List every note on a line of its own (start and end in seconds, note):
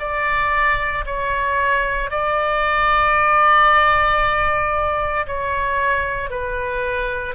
0.00 1.05 D5
1.06 2.11 C#5
2.11 5.27 D5
5.27 6.31 C#5
6.31 7.35 B4